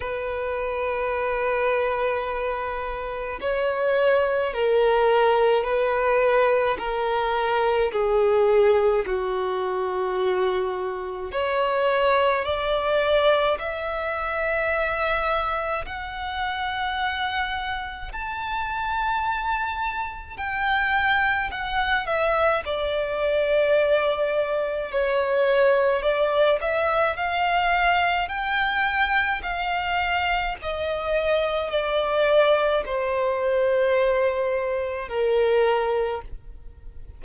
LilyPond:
\new Staff \with { instrumentName = "violin" } { \time 4/4 \tempo 4 = 53 b'2. cis''4 | ais'4 b'4 ais'4 gis'4 | fis'2 cis''4 d''4 | e''2 fis''2 |
a''2 g''4 fis''8 e''8 | d''2 cis''4 d''8 e''8 | f''4 g''4 f''4 dis''4 | d''4 c''2 ais'4 | }